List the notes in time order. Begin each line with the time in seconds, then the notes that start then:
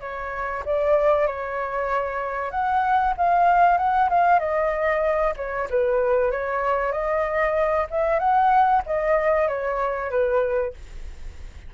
0.00 C#5
0.65 D5
1.26 C#5
2.50 F#5
3.17 F5
3.77 F#5
4.09 F5
4.39 D#5
5.36 C#5
5.70 B4
6.31 C#5
6.92 D#5
7.90 E5
8.19 F#5
8.86 D#5
9.48 C#5
10.10 B4